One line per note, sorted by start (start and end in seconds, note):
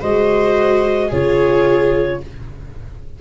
0.00 1.12 G#3
0.00 1.10 F#4
0.00 1.07 C5
0.00 1.12 D#5
1.07 2.21 C#3
1.07 2.21 F4
1.07 2.17 G#4
1.07 2.21 C#5